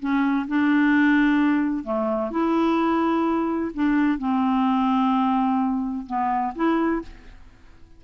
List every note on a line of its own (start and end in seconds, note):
0.00 0.47 C#4
0.48 1.85 D4
1.85 2.31 A3
2.31 3.72 E4
3.75 4.19 D4
4.19 6.06 C4
6.07 6.54 B3
6.56 7.02 E4